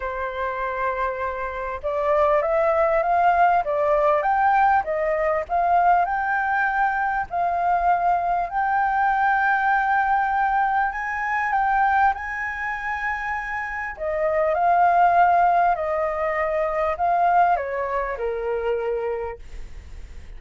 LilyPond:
\new Staff \with { instrumentName = "flute" } { \time 4/4 \tempo 4 = 99 c''2. d''4 | e''4 f''4 d''4 g''4 | dis''4 f''4 g''2 | f''2 g''2~ |
g''2 gis''4 g''4 | gis''2. dis''4 | f''2 dis''2 | f''4 cis''4 ais'2 | }